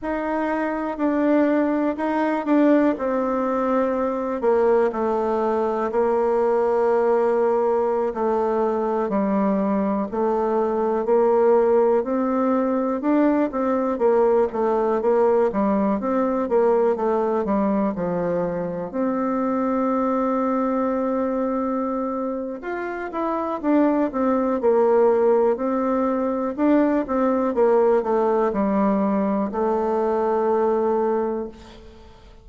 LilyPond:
\new Staff \with { instrumentName = "bassoon" } { \time 4/4 \tempo 4 = 61 dis'4 d'4 dis'8 d'8 c'4~ | c'8 ais8 a4 ais2~ | ais16 a4 g4 a4 ais8.~ | ais16 c'4 d'8 c'8 ais8 a8 ais8 g16~ |
g16 c'8 ais8 a8 g8 f4 c'8.~ | c'2. f'8 e'8 | d'8 c'8 ais4 c'4 d'8 c'8 | ais8 a8 g4 a2 | }